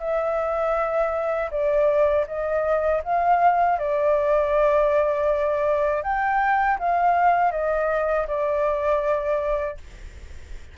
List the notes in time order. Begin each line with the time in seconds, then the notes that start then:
0.00 E5
1.51 D5
2.27 D#5
3.04 F5
3.79 D5
6.03 G5
6.79 F5
7.51 D#5
8.27 D5